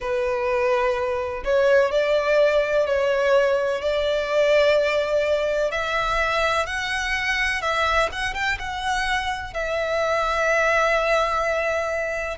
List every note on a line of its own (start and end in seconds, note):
0.00 1.43 B4
1.44 1.90 C#5
1.90 2.86 D5
2.86 3.81 C#5
3.81 5.71 D5
5.71 6.66 E5
6.66 7.61 F#5
7.61 8.09 E5
8.12 8.34 F#5
8.34 8.58 G5
8.58 9.53 F#5
9.53 12.37 E5